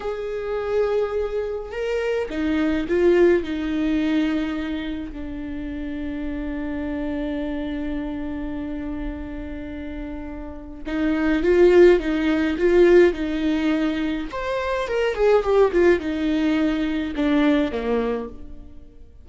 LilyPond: \new Staff \with { instrumentName = "viola" } { \time 4/4 \tempo 4 = 105 gis'2. ais'4 | dis'4 f'4 dis'2~ | dis'4 d'2.~ | d'1~ |
d'2. dis'4 | f'4 dis'4 f'4 dis'4~ | dis'4 c''4 ais'8 gis'8 g'8 f'8 | dis'2 d'4 ais4 | }